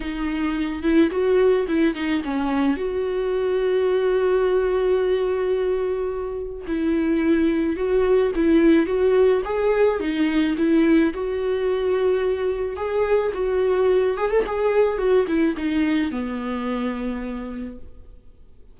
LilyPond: \new Staff \with { instrumentName = "viola" } { \time 4/4 \tempo 4 = 108 dis'4. e'8 fis'4 e'8 dis'8 | cis'4 fis'2.~ | fis'1 | e'2 fis'4 e'4 |
fis'4 gis'4 dis'4 e'4 | fis'2. gis'4 | fis'4. gis'16 a'16 gis'4 fis'8 e'8 | dis'4 b2. | }